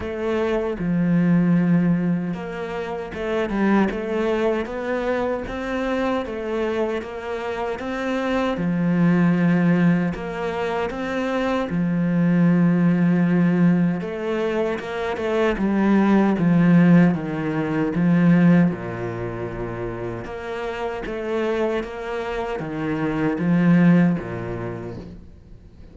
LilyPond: \new Staff \with { instrumentName = "cello" } { \time 4/4 \tempo 4 = 77 a4 f2 ais4 | a8 g8 a4 b4 c'4 | a4 ais4 c'4 f4~ | f4 ais4 c'4 f4~ |
f2 a4 ais8 a8 | g4 f4 dis4 f4 | ais,2 ais4 a4 | ais4 dis4 f4 ais,4 | }